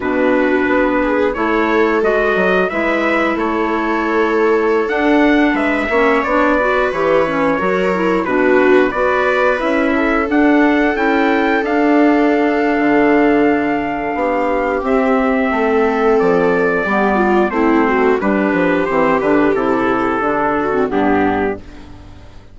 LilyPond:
<<
  \new Staff \with { instrumentName = "trumpet" } { \time 4/4 \tempo 4 = 89 b'2 cis''4 dis''4 | e''4 cis''2~ cis''16 fis''8.~ | fis''16 e''4 d''4 cis''4.~ cis''16~ | cis''16 b'4 d''4 e''4 fis''8.~ |
fis''16 g''4 f''2~ f''8.~ | f''2 e''2 | d''2 c''4 b'4 | c''8 b'8 a'2 g'4 | }
  \new Staff \with { instrumentName = "viola" } { \time 4/4 fis'4. gis'8 a'2 | b'4 a'2.~ | a'16 b'8 cis''4 b'4. ais'8.~ | ais'16 fis'4 b'4. a'4~ a'16~ |
a'1~ | a'4 g'2 a'4~ | a'4 g'8 f'8 e'8 fis'8 g'4~ | g'2~ g'8 fis'8 d'4 | }
  \new Staff \with { instrumentName = "clarinet" } { \time 4/4 d'2 e'4 fis'4 | e'2.~ e'16 d'8.~ | d'8. cis'8 d'8 fis'8 g'8 cis'8 fis'8 e'16~ | e'16 d'4 fis'4 e'4 d'8.~ |
d'16 e'4 d'2~ d'8.~ | d'2 c'2~ | c'4 b4 c'4 d'4 | c'8 d'8 e'4 d'8. c'16 b4 | }
  \new Staff \with { instrumentName = "bassoon" } { \time 4/4 b,4 b4 a4 gis8 fis8 | gis4 a2~ a16 d'8.~ | d'16 gis8 ais8 b4 e4 fis8.~ | fis16 b,4 b4 cis'4 d'8.~ |
d'16 cis'4 d'4.~ d'16 d4~ | d4 b4 c'4 a4 | f4 g4 a4 g8 f8 | e8 d8 c4 d4 g,4 | }
>>